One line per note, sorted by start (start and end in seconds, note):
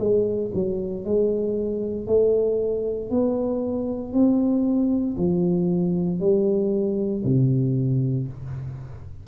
0.00 0.52 G#3
0.55 1.05 F#3
1.05 2.07 G#3
2.07 3.10 A3
3.10 4.13 B3
4.13 5.17 C4
5.17 6.20 F3
6.20 7.24 G3
7.25 8.28 C3